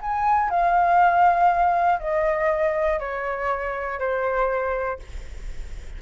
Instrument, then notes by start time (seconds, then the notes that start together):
flute
0.00 G#5
0.50 F5
2.00 D#5
3.00 C#5
3.99 C5